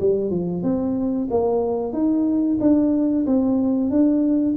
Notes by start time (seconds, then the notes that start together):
0.00 G3
0.30 F3
0.63 C4
1.30 A#3
1.93 D#4
2.60 D4
3.26 C4
3.90 D4